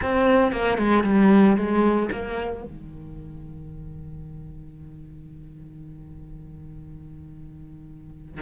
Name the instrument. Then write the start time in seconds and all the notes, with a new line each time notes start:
cello
0.01 C4
0.52 A#3
0.78 G#3
1.03 G3
1.56 G#3
2.11 A#3
2.63 D#3